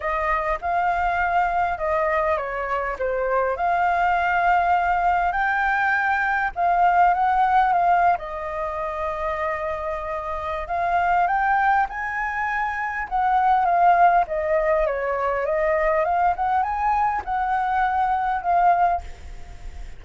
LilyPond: \new Staff \with { instrumentName = "flute" } { \time 4/4 \tempo 4 = 101 dis''4 f''2 dis''4 | cis''4 c''4 f''2~ | f''4 g''2 f''4 | fis''4 f''8. dis''2~ dis''16~ |
dis''2 f''4 g''4 | gis''2 fis''4 f''4 | dis''4 cis''4 dis''4 f''8 fis''8 | gis''4 fis''2 f''4 | }